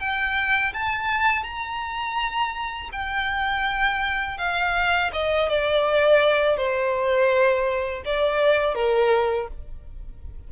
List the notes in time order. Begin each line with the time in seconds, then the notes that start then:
0.00 G5
0.73 A5
1.44 A#5
2.92 G5
4.38 F5
5.13 D#5
5.49 D5
6.57 C5
8.05 D5
8.75 A#4